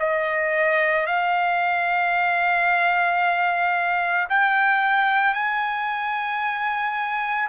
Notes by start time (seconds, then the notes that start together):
0.00 D#5
1.07 F5
4.30 G5
5.35 G#5